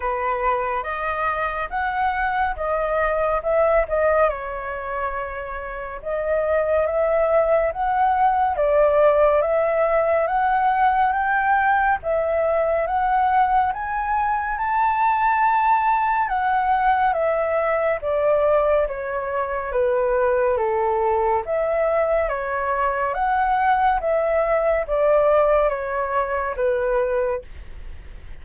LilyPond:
\new Staff \with { instrumentName = "flute" } { \time 4/4 \tempo 4 = 70 b'4 dis''4 fis''4 dis''4 | e''8 dis''8 cis''2 dis''4 | e''4 fis''4 d''4 e''4 | fis''4 g''4 e''4 fis''4 |
gis''4 a''2 fis''4 | e''4 d''4 cis''4 b'4 | a'4 e''4 cis''4 fis''4 | e''4 d''4 cis''4 b'4 | }